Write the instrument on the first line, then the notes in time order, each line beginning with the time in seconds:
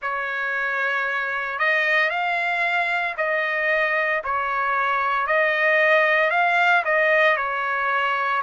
trumpet
0.01 C#5
1.58 D#5
2.10 F5
3.17 D#5
4.23 C#5
5.26 D#5
6.30 F5
6.84 D#5
7.36 C#5